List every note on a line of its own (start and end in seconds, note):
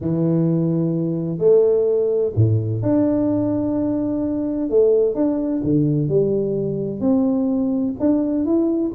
0.00 1.38 E3
1.38 2.32 A3
2.35 2.82 A2
2.82 4.69 D4
4.69 5.14 A3
5.14 5.61 D4
5.63 6.08 D3
6.08 7.00 G3
7.00 7.94 C4
7.99 8.45 D4
8.45 8.91 E4